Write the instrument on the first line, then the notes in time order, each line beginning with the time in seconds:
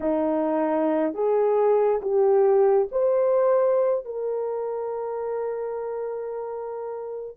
horn
0.00 D#4
1.14 G#4
2.01 G4
2.91 C5
4.05 A#4